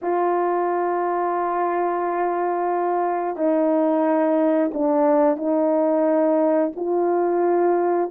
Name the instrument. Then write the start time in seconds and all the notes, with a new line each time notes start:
horn
0.02 F4
3.36 D#4
4.73 D4
5.36 D#4
6.75 F4